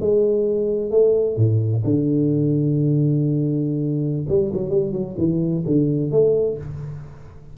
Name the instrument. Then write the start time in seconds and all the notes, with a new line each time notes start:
tuba
0.00 G#3
0.91 A3
1.37 A2
1.84 D3
4.29 G3
4.53 F#3
4.70 G3
4.92 F#3
5.18 E3
5.66 D3
6.11 A3